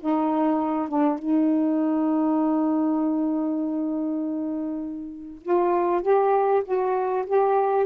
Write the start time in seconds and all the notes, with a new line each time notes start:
0.00 D#4
0.88 D4
1.18 D#4
5.42 F4
6.02 G4
6.64 F#4
7.26 G4